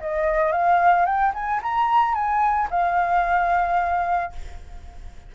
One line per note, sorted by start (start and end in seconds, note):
0.00 0.52 D#5
0.52 1.05 F5
1.05 1.32 G5
1.34 1.61 G#5
1.62 2.14 A#5
2.14 2.68 G#5
2.70 4.32 F5